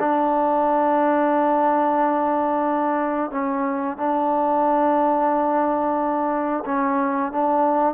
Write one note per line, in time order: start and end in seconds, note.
0.00 3.31 D4
3.31 3.98 C#4
3.98 6.64 D4
6.66 7.32 C#4
7.32 7.95 D4